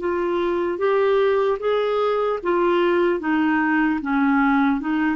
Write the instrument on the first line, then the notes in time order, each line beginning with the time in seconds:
clarinet
0.00 F4
0.78 G4
1.60 G#4
2.43 F4
3.20 D#4
4.02 C#4
4.81 D#4